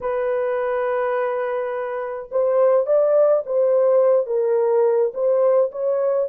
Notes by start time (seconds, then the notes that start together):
0.00 B4
2.31 C5
2.86 D5
3.46 C5
4.26 A#4
5.14 C5
5.71 C#5